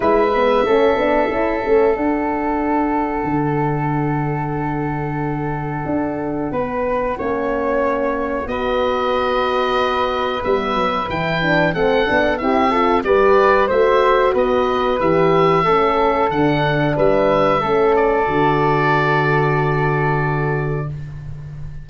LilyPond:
<<
  \new Staff \with { instrumentName = "oboe" } { \time 4/4 \tempo 4 = 92 e''2. fis''4~ | fis''1~ | fis''1~ | fis''4 dis''2. |
e''4 g''4 fis''4 e''4 | d''4 e''4 dis''4 e''4~ | e''4 fis''4 e''4. d''8~ | d''1 | }
  \new Staff \with { instrumentName = "flute" } { \time 4/4 b'4 a'2.~ | a'1~ | a'2 b'4 cis''4~ | cis''4 b'2.~ |
b'2 a'4 g'8 a'8 | b'4 c''4 b'2 | a'2 b'4 a'4~ | a'1 | }
  \new Staff \with { instrumentName = "horn" } { \time 4/4 e'8 b8 cis'8 d'8 e'8 cis'8 d'4~ | d'1~ | d'2. cis'4~ | cis'4 fis'2. |
b4 e'8 d'8 c'8 d'8 e'8 f'8 | g'4 fis'2 g'4 | cis'4 d'2 cis'4 | fis'1 | }
  \new Staff \with { instrumentName = "tuba" } { \time 4/4 gis4 a8 b8 cis'8 a8 d'4~ | d'4 d2.~ | d4 d'4 b4 ais4~ | ais4 b2. |
g8 fis8 e4 a8 b8 c'4 | g4 a4 b4 e4 | a4 d4 g4 a4 | d1 | }
>>